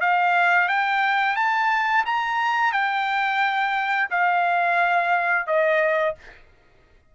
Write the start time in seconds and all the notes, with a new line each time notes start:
0.00 F5
0.68 G5
1.36 A5
2.05 A#5
2.72 G5
4.10 F5
5.47 D#5